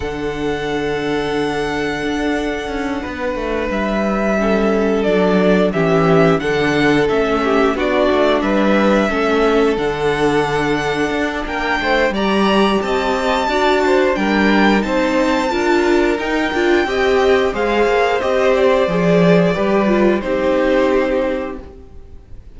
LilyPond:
<<
  \new Staff \with { instrumentName = "violin" } { \time 4/4 \tempo 4 = 89 fis''1~ | fis''4. e''2 d''8~ | d''8 e''4 fis''4 e''4 d''8~ | d''8 e''2 fis''4.~ |
fis''4 g''4 ais''4 a''4~ | a''4 g''4 a''2 | g''2 f''4 dis''8 d''8~ | d''2 c''2 | }
  \new Staff \with { instrumentName = "violin" } { \time 4/4 a'1~ | a'8 b'2 a'4.~ | a'8 g'4 a'4. g'8 fis'8~ | fis'8 b'4 a'2~ a'8~ |
a'4 ais'8 c''8 d''4 dis''4 | d''8 c''8 ais'4 c''4 ais'4~ | ais'4 dis''4 c''2~ | c''4 b'4 g'2 | }
  \new Staff \with { instrumentName = "viola" } { \time 4/4 d'1~ | d'2~ d'8 cis'4 d'8~ | d'8 cis'4 d'4 cis'4 d'8~ | d'4. cis'4 d'4.~ |
d'2 g'2 | fis'4 d'4 dis'4 f'4 | dis'8 f'8 g'4 gis'4 g'4 | gis'4 g'8 f'8 dis'2 | }
  \new Staff \with { instrumentName = "cello" } { \time 4/4 d2. d'4 | cis'8 b8 a8 g2 fis8~ | fis8 e4 d4 a4 b8 | a8 g4 a4 d4.~ |
d8 d'8 ais8 a8 g4 c'4 | d'4 g4 c'4 d'4 | dis'8 d'8 c'4 gis8 ais8 c'4 | f4 g4 c'2 | }
>>